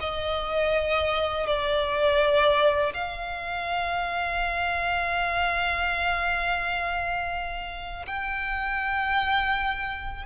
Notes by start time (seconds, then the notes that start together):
0.00 D#5
1.46 D5
2.93 F5
8.06 G5